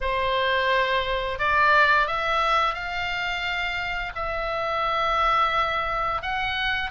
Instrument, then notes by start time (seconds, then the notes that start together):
oboe
0.00 C5
1.38 D5
2.07 E5
2.74 F5
4.15 E5
6.22 F#5